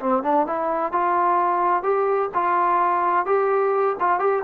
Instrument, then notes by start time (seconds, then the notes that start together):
trombone
0.00 C4
0.23 D4
0.47 E4
0.92 F4
1.83 G4
2.35 F4
3.26 G4
4.00 F4
4.20 G4